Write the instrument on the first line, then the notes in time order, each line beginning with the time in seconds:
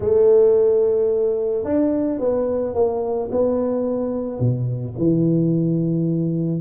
tuba
0.00 A3
1.64 D4
2.19 B3
2.74 A#3
3.31 B3
4.39 B2
4.98 E3